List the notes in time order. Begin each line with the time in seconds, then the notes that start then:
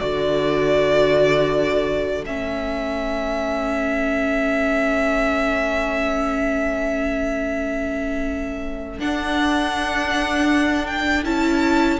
0.00 D3 F#4 A4 D5
2.25 A3 C#4 E5
8.99 D4 F#5
10.87 G5
11.25 C#4 E4 A5